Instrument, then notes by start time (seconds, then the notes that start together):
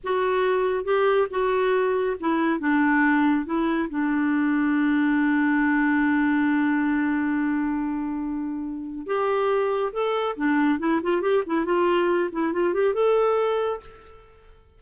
clarinet
0.03 F#4
0.84 G4
1.30 F#4
2.20 E4
2.59 D4
3.45 E4
3.89 D4
9.06 G4
9.93 A4
10.36 D4
10.79 E4
11.02 F4
11.21 G4
11.46 E4
11.65 F4
12.32 E4
12.52 F4
12.73 G4
12.94 A4